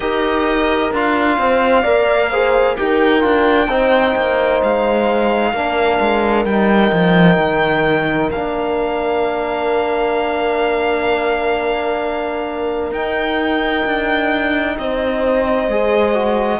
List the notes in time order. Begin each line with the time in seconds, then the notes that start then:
0.00 D#4 G4 A#4 D#5
0.92 D4 F4 F5
1.38 C4 C5
1.82 A#3 A#4 D5
2.30 G#4 C5
2.76 D#4 G4 A#4 G5
3.20 D4 F4
3.68 C4 D#4 C5
4.15 A#3
4.63 G#3 F5
5.53 A#3 D4 A#4
6.00 G#3
6.45 G3 D#4 G5
6.92 F3
7.37 D#3
8.31 A#3 D4 F5
12.91 D#4 G5
13.85 D4
14.78 C4 C5 D#5
15.68 G#3 G#4
16.14 F#4